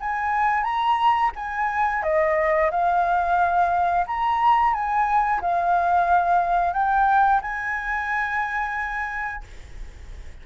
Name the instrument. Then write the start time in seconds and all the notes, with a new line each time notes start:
flute
0.00 G#5
0.64 A#5
1.36 G#5
2.03 D#5
2.71 F5
4.07 A#5
4.74 G#5
5.41 F5
6.74 G5
7.42 G#5